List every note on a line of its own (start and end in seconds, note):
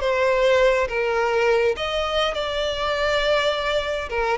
0.00 0.87 C5
0.88 1.75 A#4
1.76 2.34 D#5
2.34 4.08 D5
4.09 4.37 A#4